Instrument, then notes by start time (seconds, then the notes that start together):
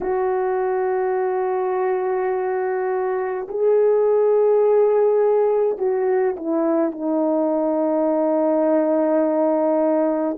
horn
0.01 F#4
3.48 G#4
5.77 F#4
6.36 E4
6.91 D#4